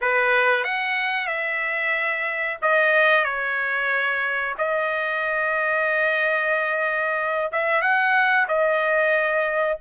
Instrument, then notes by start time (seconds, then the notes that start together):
trumpet
0.01 B4
0.64 F#5
1.27 E5
2.61 D#5
3.24 C#5
4.57 D#5
7.52 E5
7.81 F#5
8.48 D#5